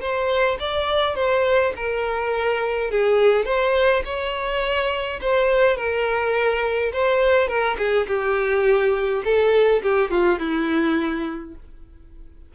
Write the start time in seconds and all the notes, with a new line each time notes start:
0.00 C5
0.59 D5
1.15 C5
1.75 A#4
2.90 G#4
3.45 C5
4.04 C#5
5.21 C5
5.76 A#4
6.92 C5
7.47 A#4
7.78 G#4
8.07 G4
9.24 A4
9.82 G4
10.10 F4
10.39 E4